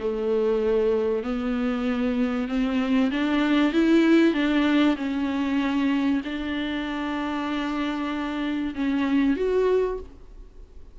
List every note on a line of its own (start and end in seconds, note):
0.00 1.24 A3
1.24 2.49 B3
2.49 3.11 C4
3.11 3.73 D4
3.73 4.34 E4
4.34 4.97 D4
4.97 6.22 C#4
6.25 8.75 D4
8.75 9.37 C#4
9.37 9.99 F#4